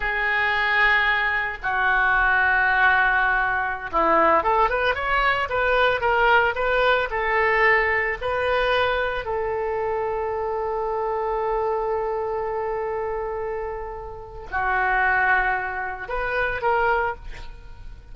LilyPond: \new Staff \with { instrumentName = "oboe" } { \time 4/4 \tempo 4 = 112 gis'2. fis'4~ | fis'2.~ fis'16 e'8.~ | e'16 a'8 b'8 cis''4 b'4 ais'8.~ | ais'16 b'4 a'2 b'8.~ |
b'4~ b'16 a'2~ a'8.~ | a'1~ | a'2. fis'4~ | fis'2 b'4 ais'4 | }